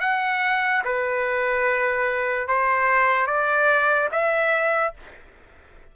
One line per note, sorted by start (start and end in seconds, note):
0.00 0.82 F#5
0.84 2.47 B4
2.47 3.27 C5
3.27 4.09 D5
4.11 4.94 E5